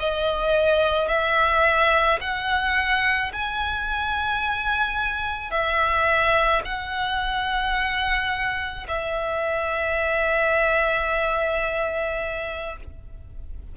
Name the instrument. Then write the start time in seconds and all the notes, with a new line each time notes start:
violin
0.00 D#5
1.09 E5
2.21 F#5
3.33 G#5
5.51 E5
6.65 F#5
8.88 E5